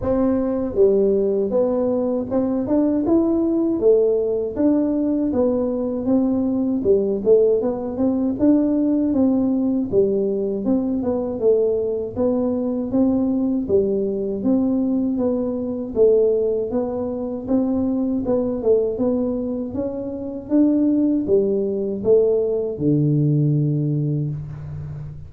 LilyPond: \new Staff \with { instrumentName = "tuba" } { \time 4/4 \tempo 4 = 79 c'4 g4 b4 c'8 d'8 | e'4 a4 d'4 b4 | c'4 g8 a8 b8 c'8 d'4 | c'4 g4 c'8 b8 a4 |
b4 c'4 g4 c'4 | b4 a4 b4 c'4 | b8 a8 b4 cis'4 d'4 | g4 a4 d2 | }